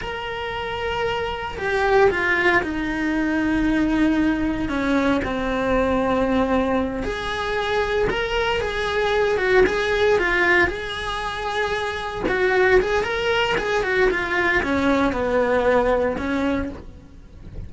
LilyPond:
\new Staff \with { instrumentName = "cello" } { \time 4/4 \tempo 4 = 115 ais'2. g'4 | f'4 dis'2.~ | dis'4 cis'4 c'2~ | c'4. gis'2 ais'8~ |
ais'8 gis'4. fis'8 gis'4 f'8~ | f'8 gis'2. fis'8~ | fis'8 gis'8 ais'4 gis'8 fis'8 f'4 | cis'4 b2 cis'4 | }